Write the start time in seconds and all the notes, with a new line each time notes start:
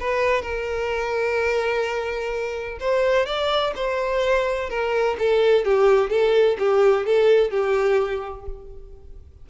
0.00 B4
0.42 A#4
2.80 C5
3.26 D5
3.76 C5
4.69 A#4
5.18 A4
5.65 G4
6.10 A4
6.59 G4
7.06 A4
7.51 G4